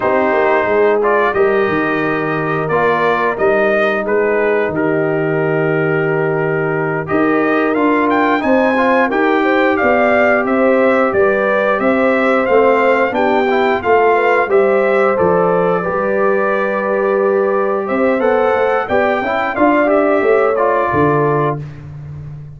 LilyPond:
<<
  \new Staff \with { instrumentName = "trumpet" } { \time 4/4 \tempo 4 = 89 c''4. d''8 dis''2 | d''4 dis''4 b'4 ais'4~ | ais'2~ ais'8 dis''4 f''8 | g''8 gis''4 g''4 f''4 e''8~ |
e''8 d''4 e''4 f''4 g''8~ | g''8 f''4 e''4 d''4.~ | d''2~ d''8 e''8 fis''4 | g''4 f''8 e''4 d''4. | }
  \new Staff \with { instrumentName = "horn" } { \time 4/4 g'4 gis'4 ais'2~ | ais'2 gis'4 g'4~ | g'2~ g'8 ais'4.~ | ais'8 c''4 ais'8 c''8 d''4 c''8~ |
c''8 b'4 c''2 g'8~ | g'8 a'8 b'8 c''2 b'8~ | b'2~ b'8 c''4. | d''8 e''8 d''4 cis''4 a'4 | }
  \new Staff \with { instrumentName = "trombone" } { \time 4/4 dis'4. f'8 g'2 | f'4 dis'2.~ | dis'2~ dis'8 g'4 f'8~ | f'8 dis'8 f'8 g'2~ g'8~ |
g'2~ g'8 c'4 d'8 | e'8 f'4 g'4 a'4 g'8~ | g'2. a'4 | g'8 e'8 f'8 g'4 f'4. | }
  \new Staff \with { instrumentName = "tuba" } { \time 4/4 c'8 ais8 gis4 g8 dis4. | ais4 g4 gis4 dis4~ | dis2~ dis8 dis'4 d'8~ | d'8 c'4 dis'4 b4 c'8~ |
c'8 g4 c'4 a4 b8~ | b8 a4 g4 f4 g8~ | g2~ g8 c'8 b8 a8 | b8 cis'8 d'4 a4 d4 | }
>>